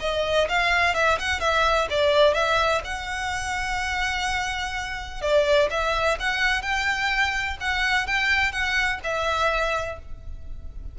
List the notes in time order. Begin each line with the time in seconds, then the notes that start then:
0.00 D#5
0.48 F5
0.94 E5
1.19 F#5
1.40 E5
1.90 D5
2.34 E5
2.84 F#5
5.21 D5
5.70 E5
6.19 F#5
6.62 G5
7.60 F#5
8.07 G5
8.52 F#5
9.03 E5